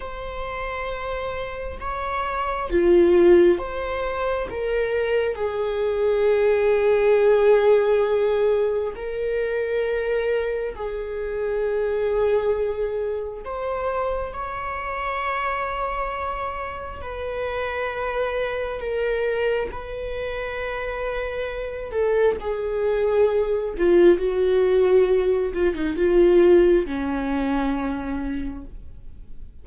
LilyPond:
\new Staff \with { instrumentName = "viola" } { \time 4/4 \tempo 4 = 67 c''2 cis''4 f'4 | c''4 ais'4 gis'2~ | gis'2 ais'2 | gis'2. c''4 |
cis''2. b'4~ | b'4 ais'4 b'2~ | b'8 a'8 gis'4. f'8 fis'4~ | fis'8 f'16 dis'16 f'4 cis'2 | }